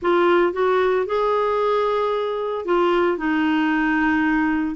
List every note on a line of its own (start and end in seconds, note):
0.01 0.53 F4
0.53 1.06 F#4
1.06 2.65 G#4
2.65 3.17 F4
3.17 4.75 D#4